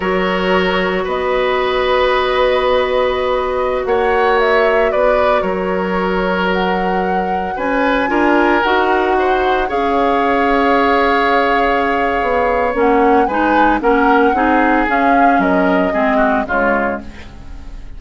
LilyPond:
<<
  \new Staff \with { instrumentName = "flute" } { \time 4/4 \tempo 4 = 113 cis''2 dis''2~ | dis''2.~ dis''16 fis''8.~ | fis''16 e''4 d''4 cis''4.~ cis''16~ | cis''16 fis''2 gis''4.~ gis''16~ |
gis''16 fis''2 f''4.~ f''16~ | f''1 | fis''4 gis''4 fis''2 | f''4 dis''2 cis''4 | }
  \new Staff \with { instrumentName = "oboe" } { \time 4/4 ais'2 b'2~ | b'2.~ b'16 cis''8.~ | cis''4~ cis''16 b'4 ais'4.~ ais'16~ | ais'2~ ais'16 b'4 ais'8.~ |
ais'4~ ais'16 c''4 cis''4.~ cis''16~ | cis''1~ | cis''4 b'4 ais'4 gis'4~ | gis'4 ais'4 gis'8 fis'8 f'4 | }
  \new Staff \with { instrumentName = "clarinet" } { \time 4/4 fis'1~ | fis'1~ | fis'1~ | fis'2.~ fis'16 f'8.~ |
f'16 fis'2 gis'4.~ gis'16~ | gis'1 | cis'4 dis'4 cis'4 dis'4 | cis'2 c'4 gis4 | }
  \new Staff \with { instrumentName = "bassoon" } { \time 4/4 fis2 b2~ | b2.~ b16 ais8.~ | ais4~ ais16 b4 fis4.~ fis16~ | fis2~ fis16 cis'4 d'8.~ |
d'16 dis'2 cis'4.~ cis'16~ | cis'2. b4 | ais4 gis4 ais4 c'4 | cis'4 fis4 gis4 cis4 | }
>>